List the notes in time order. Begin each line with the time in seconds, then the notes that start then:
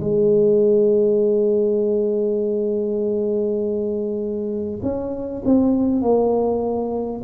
0.00 G#3
4.82 C#4
5.45 C4
6.01 A#3